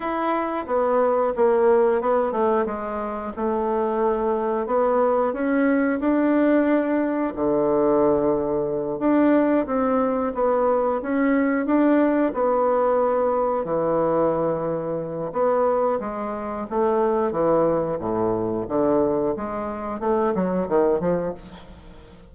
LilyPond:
\new Staff \with { instrumentName = "bassoon" } { \time 4/4 \tempo 4 = 90 e'4 b4 ais4 b8 a8 | gis4 a2 b4 | cis'4 d'2 d4~ | d4. d'4 c'4 b8~ |
b8 cis'4 d'4 b4.~ | b8 e2~ e8 b4 | gis4 a4 e4 a,4 | d4 gis4 a8 fis8 dis8 f8 | }